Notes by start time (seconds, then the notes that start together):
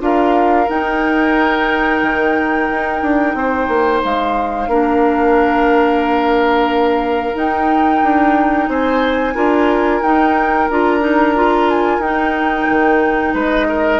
0.00 D4 F4 A#4 F5
0.69 D#4 G5
2.03 D#3
2.70 D#4
3.03 D4
3.35 C4 C5
3.68 A#3
4.04 G#3 F5
4.68 A#3 D4 A#4
7.35 D#4 G5
8.03 D4
8.69 C4 C5 G#5
9.35 D4 F4 A#4
10.02 D#4 G5
10.70 D4 F4 A#5
11.01 D#4
11.35 F4
11.70 G#5
11.99 D#4 G5
12.69 D#3
13.34 G#3 B4 D#5
13.69 A#4